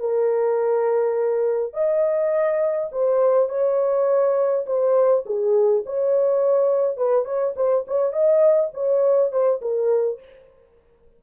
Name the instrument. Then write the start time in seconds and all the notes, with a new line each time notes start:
horn
0.00 A#4
1.73 D#5
2.92 C5
3.49 C#5
4.66 C5
5.26 G#4
5.86 C#5
6.97 B4
7.26 C#5
7.56 C5
7.88 C#5
8.13 D#5
8.74 C#5
9.32 C5
9.61 A#4